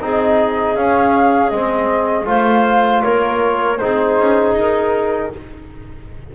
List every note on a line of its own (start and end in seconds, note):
0.00 0.75 C4
0.00 0.76 D#4
0.00 2.26 G#4
0.00 0.75 D#5
0.75 1.51 C#4
0.75 1.52 C#4
0.75 1.49 F5
1.49 2.26 G#3
1.49 2.25 C4
1.49 2.25 D#5
2.25 3.02 A3
2.25 3.77 F4
2.25 3.02 C5
2.25 3.03 F5
3.03 3.80 A#3
3.03 3.78 A#4
3.03 3.77 C#5
3.77 4.19 C4
3.77 5.32 D#4
3.77 5.32 G#4
3.77 4.53 C5
4.19 4.52 C#4
4.52 5.28 D#4
4.59 5.35 A#4